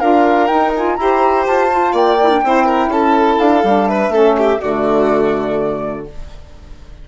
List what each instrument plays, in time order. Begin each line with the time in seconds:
0.00 bassoon D4, saxophone F4, violin A#4, flute F5
0.47 saxophone D#4, bassoon D#4, flute G5
0.75 saxophone F4, flute G#5
0.96 bassoon E4, saxophone G4, violin C5, flute A#5
1.47 bassoon F4, flute A5
1.69 saxophone F4
1.93 bassoon A#3, violin D5, flute G5
2.21 saxophone E4
2.30 saxophone D4
2.44 bassoon C4, saxophone E4, violin C5
2.66 violin A#4
2.88 bassoon C#4, violin A4, flute A5
3.40 bassoon D4, flute F5
3.64 bassoon G3, saxophone D4
3.88 violin B4, flute E5
4.09 bassoon A3, saxophone C#4, violin A4
4.38 violin G4
4.59 bassoon D3, saxophone A3, violin F#4, flute D5